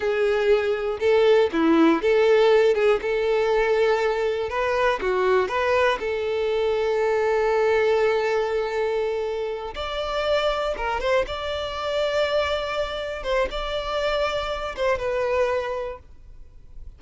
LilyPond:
\new Staff \with { instrumentName = "violin" } { \time 4/4 \tempo 4 = 120 gis'2 a'4 e'4 | a'4. gis'8 a'2~ | a'4 b'4 fis'4 b'4 | a'1~ |
a'2.~ a'8 d''8~ | d''4. ais'8 c''8 d''4.~ | d''2~ d''8 c''8 d''4~ | d''4. c''8 b'2 | }